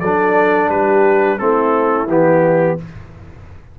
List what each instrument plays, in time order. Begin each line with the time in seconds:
0.00 tuba F#3, trombone D4, horn A4, trumpet D5
0.69 tuba G3, horn G4, trumpet B4
1.38 tuba A3, trombone C4, horn E4, trumpet A4
2.08 tuba E3, trombone B3, trumpet G4